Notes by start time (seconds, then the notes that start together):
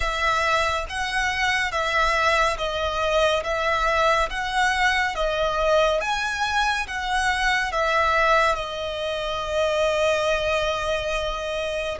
0.00 E5
0.89 F#5
1.71 E5
2.57 D#5
3.43 E5
4.29 F#5
5.15 D#5
6.00 G#5
6.87 F#5
7.72 E5
8.55 D#5